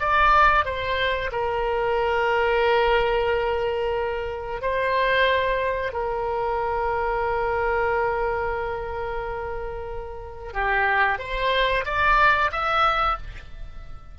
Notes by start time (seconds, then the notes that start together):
0.00 D5
0.65 C5
1.32 A#4
4.62 C5
5.93 A#4
10.53 G4
11.19 C5
11.85 D5
12.52 E5